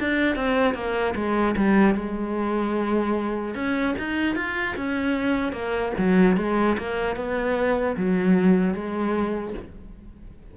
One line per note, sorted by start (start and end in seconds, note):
0.00 0.36 D4
0.36 0.75 C4
0.75 1.15 A#3
1.15 1.55 G#3
1.56 1.95 G3
1.95 3.55 G#3
3.55 3.95 C#4
3.99 4.35 D#4
4.35 4.75 F4
4.76 5.52 C#4
5.52 5.92 A#3
5.98 6.37 F#3
6.37 6.77 G#3
6.78 7.16 A#3
7.16 7.96 B3
7.97 8.74 F#3
8.74 9.54 G#3